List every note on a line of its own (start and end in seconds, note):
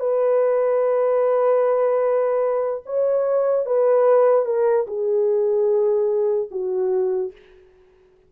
0.00 2.84 B4
2.86 3.66 C#5
3.66 4.46 B4
4.46 4.86 A#4
4.87 6.49 G#4
6.51 7.32 F#4